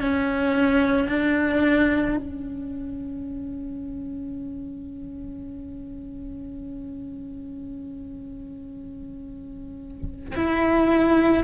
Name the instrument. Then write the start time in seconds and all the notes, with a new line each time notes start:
cello
0.00 C#4
1.08 D4
2.17 C#4
10.35 E4